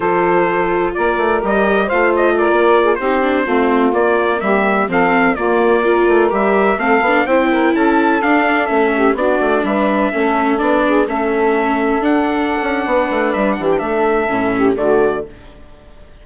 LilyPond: <<
  \new Staff \with { instrumentName = "trumpet" } { \time 4/4 \tempo 4 = 126 c''2 d''4 dis''4 | f''8 dis''8 d''4~ d''16 c''4.~ c''16~ | c''16 d''4 e''4 f''4 d''8.~ | d''4~ d''16 e''4 f''4 g''8.~ |
g''16 a''4 f''4 e''4 d''8.~ | d''16 e''2 d''4 e''8.~ | e''4~ e''16 fis''2~ fis''8. | e''8 fis''16 g''16 e''2 d''4 | }
  \new Staff \with { instrumentName = "saxophone" } { \time 4/4 a'2 ais'2 | c''4 ais'4 gis'16 g'4 f'8.~ | f'4~ f'16 g'4 a'4 f'8.~ | f'16 ais'2 a'4 c''8 ais'16~ |
ais'16 a'2~ a'8 g'8 fis'8.~ | fis'16 b'4 a'4. gis'8 a'8.~ | a'2. b'4~ | b'8 g'8 a'4. g'8 fis'4 | }
  \new Staff \with { instrumentName = "viola" } { \time 4/4 f'2. g'4 | f'2~ f'16 dis'8 d'8 c'8.~ | c'16 ais2 c'4 ais8.~ | ais16 f'4 g'4 c'8 d'8 e'8.~ |
e'4~ e'16 d'4 cis'4 d'8.~ | d'4~ d'16 cis'4 d'4 cis'8.~ | cis'4~ cis'16 d'2~ d'8.~ | d'2 cis'4 a4 | }
  \new Staff \with { instrumentName = "bassoon" } { \time 4/4 f2 ais8 a8 g4 | a4~ a16 ais4 c'4 a8.~ | a16 ais4 g4 f4 ais8.~ | ais8. a8 g4 a8 b8 c'8.~ |
c'16 cis'4 d'4 a4 b8 a16~ | a16 g4 a4 b4 a8.~ | a4~ a16 d'4~ d'16 cis'8 b8 a8 | g8 e8 a4 a,4 d4 | }
>>